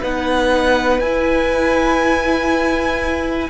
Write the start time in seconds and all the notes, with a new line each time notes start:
0.00 B3 D#4 B4 F#5
1.00 E4 G#5